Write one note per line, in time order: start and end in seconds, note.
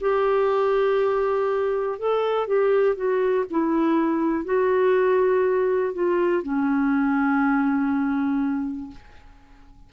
0.00 1.98 G4
1.98 2.47 A4
2.47 2.95 G4
2.95 3.45 F#4
3.50 4.44 E4
4.44 5.93 F#4
5.93 6.42 F4
6.42 8.90 C#4